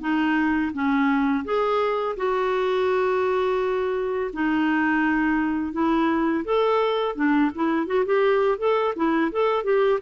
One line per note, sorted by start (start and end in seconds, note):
0.00 0.71 D#4
0.73 1.44 C#4
1.44 2.16 G#4
2.16 4.31 F#4
4.32 5.72 D#4
5.72 6.44 E4
6.44 7.15 A4
7.15 7.51 D4
7.55 7.86 E4
7.86 8.04 F#4
8.05 8.58 G4
8.58 8.94 A4
8.95 9.31 E4
9.31 9.63 A4
9.63 9.99 G4